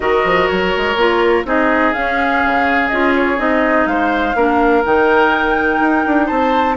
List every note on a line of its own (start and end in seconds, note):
0.00 0.23 D#3
0.00 0.95 F#4
0.00 1.46 A#4
0.00 0.47 D#5
0.24 0.48 F3
0.47 0.75 F#3
0.47 1.44 C#5
0.77 0.95 G#3
0.95 1.44 A#3
0.95 1.45 F4
1.44 1.93 C4
1.44 1.93 D#4
1.44 3.88 G#4
1.44 1.93 D#5
1.93 2.90 C#4
1.93 2.43 C#4
1.93 2.88 F5
2.45 2.91 C#3
2.88 3.38 C#4
2.88 3.37 F4
2.88 3.12 D#5
3.15 3.39 C#5
3.37 3.86 C4
3.37 4.34 D#4
3.37 3.86 D#5
3.86 4.34 G#3
3.86 4.36 C5
3.86 4.83 F5
4.34 4.83 A#3
4.34 4.84 D4
4.34 6.26 A#4
4.84 5.80 D#3
4.84 6.77 D#4
4.84 6.27 G5
5.80 6.04 D#4
6.06 6.30 D4
6.26 6.77 C4
6.26 6.74 C5
6.26 6.75 A5